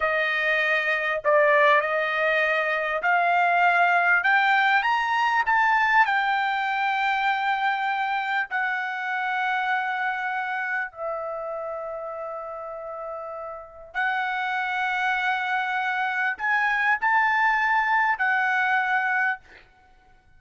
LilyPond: \new Staff \with { instrumentName = "trumpet" } { \time 4/4 \tempo 4 = 99 dis''2 d''4 dis''4~ | dis''4 f''2 g''4 | ais''4 a''4 g''2~ | g''2 fis''2~ |
fis''2 e''2~ | e''2. fis''4~ | fis''2. gis''4 | a''2 fis''2 | }